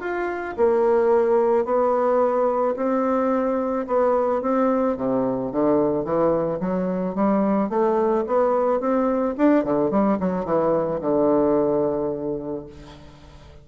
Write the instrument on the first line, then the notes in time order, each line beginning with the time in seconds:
bassoon
0.00 F4
0.57 A#3
1.65 B3
2.76 C4
3.87 B3
4.42 C4
4.96 C3
5.51 D3
6.04 E3
6.60 F#3
7.15 G3
7.69 A3
8.26 B3
8.80 C4
9.37 D4
9.64 D3
9.90 G3
10.20 F#3
10.45 E3
11.01 D3